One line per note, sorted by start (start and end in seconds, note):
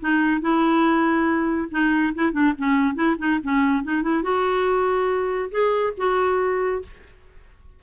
0.00 0.41 D#4
0.41 1.68 E4
1.71 2.13 D#4
2.15 2.32 E4
2.32 2.53 D4
2.58 2.95 C#4
2.95 3.16 E4
3.18 3.39 D#4
3.43 3.83 C#4
3.83 4.02 D#4
4.02 4.22 E4
4.22 5.50 F#4
5.51 5.93 G#4
5.97 6.82 F#4